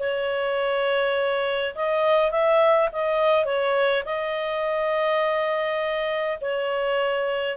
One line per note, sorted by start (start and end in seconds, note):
0.00 1.75 C#5
1.76 2.31 D#5
2.31 2.90 E5
2.93 3.46 D#5
3.46 4.04 C#5
4.06 6.39 D#5
6.42 7.58 C#5